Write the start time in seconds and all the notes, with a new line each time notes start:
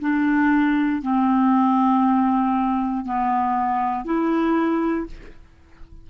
0.00 D4
1.02 C4
3.05 B3
4.04 E4